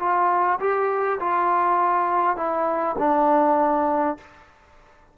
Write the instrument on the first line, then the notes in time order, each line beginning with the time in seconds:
trombone
0.00 F4
0.60 G4
1.20 F4
2.37 E4
2.99 D4